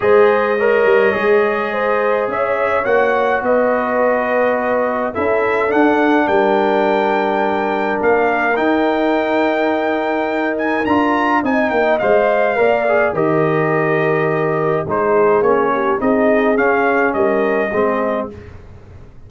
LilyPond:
<<
  \new Staff \with { instrumentName = "trumpet" } { \time 4/4 \tempo 4 = 105 dis''1 | e''4 fis''4 dis''2~ | dis''4 e''4 fis''4 g''4~ | g''2 f''4 g''4~ |
g''2~ g''8 gis''8 ais''4 | gis''8 g''8 f''2 dis''4~ | dis''2 c''4 cis''4 | dis''4 f''4 dis''2 | }
  \new Staff \with { instrumentName = "horn" } { \time 4/4 c''4 cis''2 c''4 | cis''2 b'2~ | b'4 a'2 ais'4~ | ais'1~ |
ais'1 | dis''2 d''4 ais'4~ | ais'2 gis'4. g'8 | gis'2 ais'4 gis'4 | }
  \new Staff \with { instrumentName = "trombone" } { \time 4/4 gis'4 ais'4 gis'2~ | gis'4 fis'2.~ | fis'4 e'4 d'2~ | d'2. dis'4~ |
dis'2. f'4 | dis'4 c''4 ais'8 gis'8 g'4~ | g'2 dis'4 cis'4 | dis'4 cis'2 c'4 | }
  \new Staff \with { instrumentName = "tuba" } { \time 4/4 gis4. g8 gis2 | cis'4 ais4 b2~ | b4 cis'4 d'4 g4~ | g2 ais4 dis'4~ |
dis'2. d'4 | c'8 ais8 gis4 ais4 dis4~ | dis2 gis4 ais4 | c'4 cis'4 g4 gis4 | }
>>